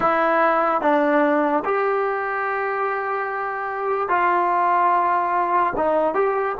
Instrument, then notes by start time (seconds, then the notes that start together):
trombone
0.00 E4
0.81 D4
1.64 G4
4.09 F4
5.76 D#4
6.14 G4